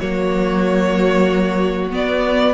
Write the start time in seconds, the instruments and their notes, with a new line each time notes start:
0.00 cello F#3, viola A#3, violin F#4 C#5
1.92 viola B3, cello B3, violin D5